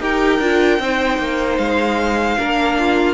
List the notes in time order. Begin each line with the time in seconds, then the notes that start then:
0.00 D#4 G4 A#4 G5
0.39 D4 F4
0.79 C4 D#4 C5
1.18 A#3
1.58 G#3 F5
2.38 A#3 D4 A#4
2.79 F4